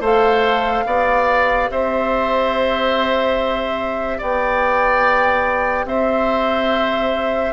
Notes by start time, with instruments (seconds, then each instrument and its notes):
0.00 bassoon A3, clarinet A4, oboe C5, flute F5
0.86 bassoon B3, clarinet G4, oboe D5
1.71 bassoon C4, oboe C5, flute E5
4.18 bassoon B3, oboe D5, flute G5
5.85 bassoon C4, oboe C5, flute E5